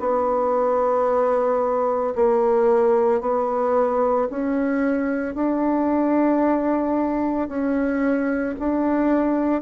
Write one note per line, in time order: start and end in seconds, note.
0.00 2.14 B3
2.16 3.21 A#3
3.21 4.29 B3
4.31 5.35 C#4
5.35 7.49 D4
7.49 8.56 C#4
8.60 9.62 D4